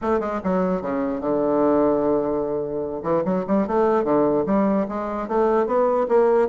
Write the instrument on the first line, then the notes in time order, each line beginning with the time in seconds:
bassoon
0.01 A3
0.20 G#3
0.43 F#3
0.81 C#3
1.20 D3
3.03 E3
3.24 F#3
3.47 G3
3.67 A3
4.04 D3
4.46 G3
4.88 G#3
5.28 A3
5.66 B3
6.08 A#3